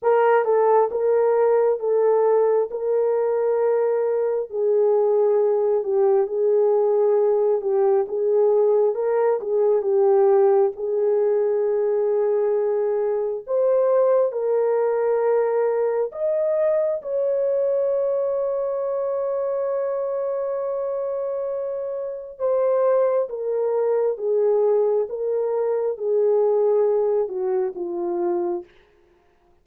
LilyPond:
\new Staff \with { instrumentName = "horn" } { \time 4/4 \tempo 4 = 67 ais'8 a'8 ais'4 a'4 ais'4~ | ais'4 gis'4. g'8 gis'4~ | gis'8 g'8 gis'4 ais'8 gis'8 g'4 | gis'2. c''4 |
ais'2 dis''4 cis''4~ | cis''1~ | cis''4 c''4 ais'4 gis'4 | ais'4 gis'4. fis'8 f'4 | }